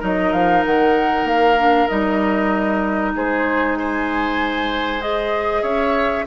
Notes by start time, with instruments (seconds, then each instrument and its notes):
0.00 bassoon F#3, clarinet D#4, oboe A#4, flute D#5
0.33 bassoon F3, flute F5
0.65 bassoon D#3, flute F#5
1.24 bassoon A#3, flute F5
1.58 clarinet D4
1.88 bassoon G3, clarinet D#4, flute D#5
3.16 bassoon G#3, oboe G#4, flute C5
3.76 oboe C5, flute G#5
5.01 clarinet G#4, flute D#5
5.62 bassoon C#4, oboe C#5, flute E5